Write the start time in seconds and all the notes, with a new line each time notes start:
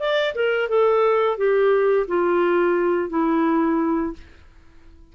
0.00 D5
0.35 A#4
0.69 A4
1.38 G4
2.08 F4
3.10 E4